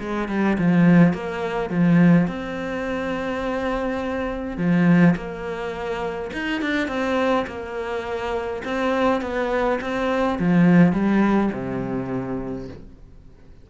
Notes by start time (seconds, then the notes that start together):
0.00 G#3
0.29 G3
0.58 F3
1.13 A#3
1.70 F3
2.28 C4
4.58 F3
5.16 A#3
6.33 D#4
6.62 D4
6.88 C4
7.47 A#3
8.65 C4
9.22 B3
9.81 C4
10.39 F3
10.93 G3
11.53 C3